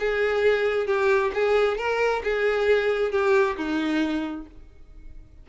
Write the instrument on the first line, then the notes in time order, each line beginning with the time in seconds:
violin
0.00 G#4
0.87 G4
1.34 G#4
1.78 A#4
2.24 G#4
3.12 G4
3.57 D#4